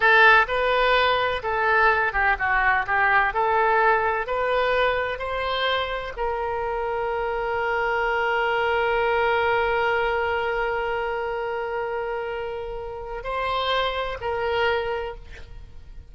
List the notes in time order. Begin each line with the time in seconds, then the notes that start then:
0.00 A4
0.47 B4
1.42 A4
2.12 G4
2.38 F#4
2.86 G4
3.33 A4
4.26 B4
5.18 C5
6.17 A#4
13.23 C5
14.20 A#4